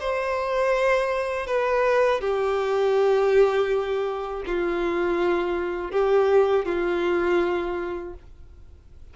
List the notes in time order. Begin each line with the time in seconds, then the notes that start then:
0.00 C5
1.46 B4
2.21 G4
4.46 F4
5.91 G4
6.65 F4